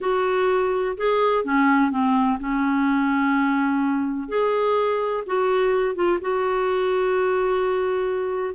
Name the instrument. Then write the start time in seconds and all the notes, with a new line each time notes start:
clarinet
0.01 F#4
0.97 G#4
1.44 C#4
1.90 C4
2.39 C#4
4.28 G#4
5.26 F#4
5.95 F4
6.21 F#4